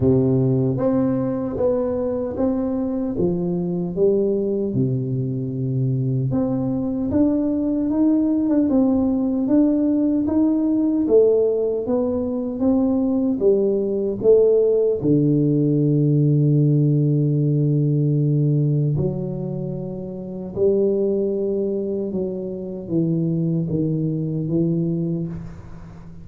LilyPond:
\new Staff \with { instrumentName = "tuba" } { \time 4/4 \tempo 4 = 76 c4 c'4 b4 c'4 | f4 g4 c2 | c'4 d'4 dis'8. d'16 c'4 | d'4 dis'4 a4 b4 |
c'4 g4 a4 d4~ | d1 | fis2 g2 | fis4 e4 dis4 e4 | }